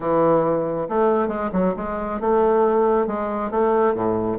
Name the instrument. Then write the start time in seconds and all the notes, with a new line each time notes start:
bassoon
0.00 E3
0.88 A3
1.28 G#3
1.52 F#3
1.76 G#3
2.20 A3
3.07 G#3
3.50 A3
3.94 A2